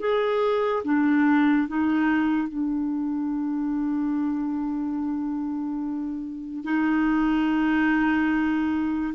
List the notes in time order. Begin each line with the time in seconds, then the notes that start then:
0.00 G#4
0.84 D4
1.68 D#4
2.48 D4
6.64 D#4